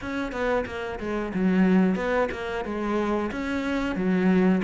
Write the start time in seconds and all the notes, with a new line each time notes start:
0.01 C#4
0.31 B3
0.66 A#3
0.99 G#3
1.34 F#3
1.95 B3
2.31 A#3
2.64 G#3
3.31 C#4
3.95 F#3